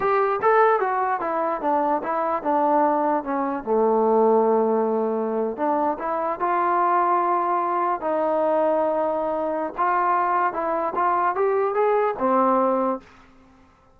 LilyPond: \new Staff \with { instrumentName = "trombone" } { \time 4/4 \tempo 4 = 148 g'4 a'4 fis'4 e'4 | d'4 e'4 d'2 | cis'4 a2.~ | a4.~ a16 d'4 e'4 f'16~ |
f'2.~ f'8. dis'16~ | dis'1 | f'2 e'4 f'4 | g'4 gis'4 c'2 | }